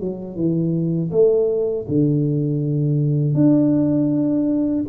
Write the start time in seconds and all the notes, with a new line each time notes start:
0.00 F#3
0.36 E3
1.11 A3
1.89 D3
3.35 D4